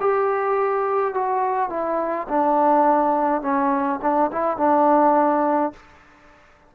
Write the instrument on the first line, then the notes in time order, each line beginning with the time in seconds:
trombone
0.00 G4
1.14 F#4
1.69 E4
2.29 D4
3.42 C#4
4.02 D4
4.32 E4
4.57 D4